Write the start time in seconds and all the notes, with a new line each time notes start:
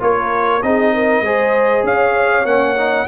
0.00 A#3 F4 A#4 C#5
0.63 C4 D#4 G#4 D#5
0.95 A#4
1.21 G#3 G#4 C5
1.84 C#4 C#5 F5
2.45 A#3 C#4 F#5
2.77 D#4